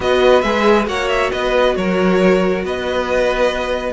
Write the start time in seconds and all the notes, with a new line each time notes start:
0.00 B3 F#4 B4 D#5
0.41 G#3 G#4 E5
0.85 A#3 F#4 C#5 F#5
1.08 E5
1.31 B3 B4 D#5
1.76 F#3 A#4 C#5
2.63 B3 B4 D#5